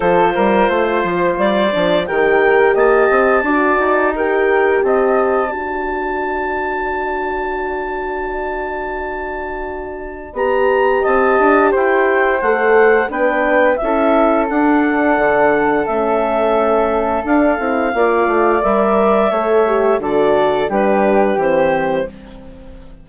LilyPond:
<<
  \new Staff \with { instrumentName = "clarinet" } { \time 4/4 \tempo 4 = 87 c''2 d''4 g''4 | a''2 g''4 a''4~ | a''1~ | a''2. ais''4 |
a''4 g''4 fis''4 g''4 | e''4 fis''2 e''4~ | e''4 f''2 e''4~ | e''4 d''4 b'4 c''4 | }
  \new Staff \with { instrumentName = "flute" } { \time 4/4 a'8 ais'8 c''2 ais'4 | dis''4 d''4 ais'4 dis''4 | d''1~ | d''1 |
dis''4 c''2 b'4 | a'1~ | a'2 d''2 | cis''4 a'4 g'2 | }
  \new Staff \with { instrumentName = "horn" } { \time 4/4 f'2~ f'8 d'8 g'4~ | g'4 fis'4 g'2 | fis'1~ | fis'2. g'4~ |
g'2 a'4 d'4 | e'4 d'2 cis'4~ | cis'4 d'8 e'8 f'4 ais'4 | a'8 g'8 fis'4 d'4 c'4 | }
  \new Staff \with { instrumentName = "bassoon" } { \time 4/4 f8 g8 a8 f8 g8 f8 dis4 | ais8 c'8 d'8 dis'4. c'4 | d'1~ | d'2. b4 |
c'8 d'8 e'4 a4 b4 | cis'4 d'4 d4 a4~ | a4 d'8 c'8 ais8 a8 g4 | a4 d4 g4 e4 | }
>>